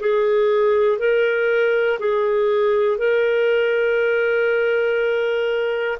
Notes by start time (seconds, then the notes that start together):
0.00 G#4
0.99 A#4
2.00 G#4
2.98 A#4